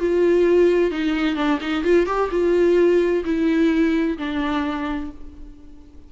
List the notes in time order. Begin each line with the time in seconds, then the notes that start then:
0.00 F4
0.91 D#4
1.36 D4
1.60 D#4
1.84 F4
2.06 G4
2.31 F4
3.24 E4
4.18 D4